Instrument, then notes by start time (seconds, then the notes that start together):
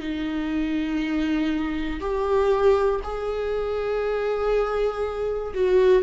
viola
0.00 D#4
2.00 G4
3.04 G#4
5.55 F#4